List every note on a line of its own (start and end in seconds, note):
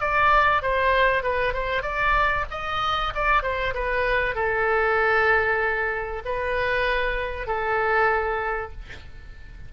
0.00 0.62 D5
0.62 1.22 C5
1.22 1.53 B4
1.53 1.82 C5
1.82 2.45 D5
2.50 3.13 D#5
3.14 3.42 D5
3.42 3.73 C5
3.74 4.35 B4
4.35 6.22 A4
6.24 7.46 B4
7.46 8.71 A4